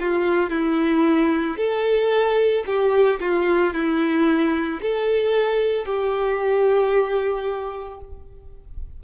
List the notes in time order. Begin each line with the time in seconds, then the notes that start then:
0.00 F4
0.50 E4
1.57 A4
2.66 G4
3.20 F4
3.74 E4
4.82 A4
5.85 G4